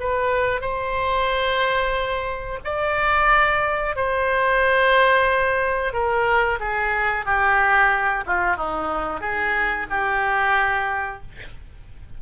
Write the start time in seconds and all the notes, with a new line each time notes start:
0.00 B4
0.61 C5
2.64 D5
3.96 C5
5.93 A#4
6.60 G#4
7.25 G4
8.26 F4
8.57 D#4
9.21 G#4
9.90 G4